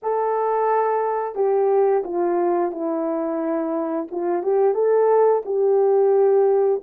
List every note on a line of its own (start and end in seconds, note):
0.02 1.35 A4
1.35 2.03 G4
2.04 2.71 F4
2.71 4.07 E4
4.11 4.43 F4
4.43 4.74 G4
4.74 5.42 A4
5.45 6.81 G4